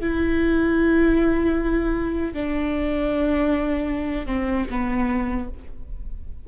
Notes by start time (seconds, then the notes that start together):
0.00 E4
2.33 D4
4.26 C4
4.70 B3